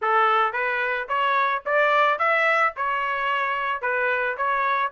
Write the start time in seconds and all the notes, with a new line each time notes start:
0.01 A4
0.53 B4
1.08 C#5
1.65 D5
2.18 E5
2.76 C#5
3.81 B4
4.37 C#5